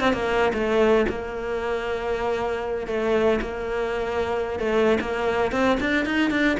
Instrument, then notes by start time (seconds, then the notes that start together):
cello
0.00 C4
0.12 A#3
0.53 A3
1.08 A#3
2.87 A3
3.41 A#3
4.59 A3
5.00 A#3
5.51 C4
5.80 D4
6.05 D#4
6.30 D4